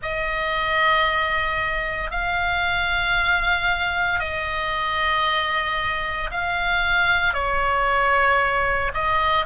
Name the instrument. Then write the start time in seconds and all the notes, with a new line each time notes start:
oboe
0.02 D#5
2.11 F5
4.19 D#5
6.31 F5
7.33 C#5
8.93 D#5